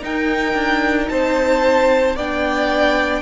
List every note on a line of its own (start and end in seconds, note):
0.00 2.14 D#4
0.00 0.54 D#4
0.00 1.11 A#4
0.00 1.09 G5
0.54 1.08 D4
1.09 2.16 C4
1.09 2.16 C5
1.09 2.16 A5
2.16 3.22 B3
2.16 3.22 D4
2.16 3.22 D5
2.16 3.22 G5